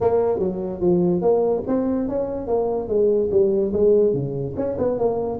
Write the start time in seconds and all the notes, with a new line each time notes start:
0.01 A#3
0.39 F#3
0.80 F3
1.21 A#3
1.67 C4
2.08 C#4
2.47 A#3
2.88 G#3
3.31 G3
3.73 G#3
4.13 C#3
4.56 C#4
4.77 B3
4.98 A#3